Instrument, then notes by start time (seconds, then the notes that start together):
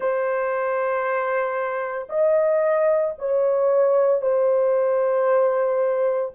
horn
0.00 C5
2.09 D#5
3.18 C#5
4.21 C5